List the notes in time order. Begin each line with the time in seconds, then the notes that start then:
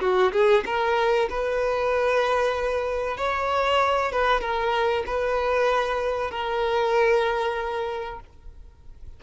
0.00 F#4
0.32 G#4
0.65 A#4
1.29 B4
3.17 C#5
4.11 B4
4.40 A#4
5.06 B4
6.30 A#4